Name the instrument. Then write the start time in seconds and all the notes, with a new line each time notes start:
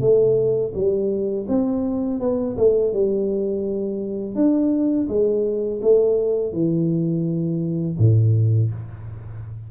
tuba
0.00 A3
0.74 G3
1.48 C4
2.20 B3
2.57 A3
2.93 G3
4.35 D4
5.08 G#3
5.81 A3
6.52 E3
7.98 A2